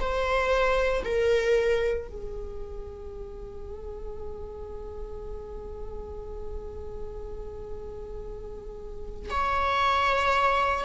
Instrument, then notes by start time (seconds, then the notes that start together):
viola
0.00 C5
1.04 A#4
2.08 G#4
9.30 C#5